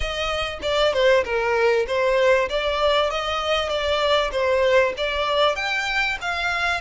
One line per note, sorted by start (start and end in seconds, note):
0.00 0.59 D#5
0.62 0.93 D5
0.93 1.24 C5
1.24 1.86 A#4
1.87 2.49 C5
2.49 3.10 D5
3.10 3.69 D#5
3.69 4.30 D5
4.31 4.93 C5
4.97 5.55 D5
5.55 6.17 G5
6.21 6.80 F5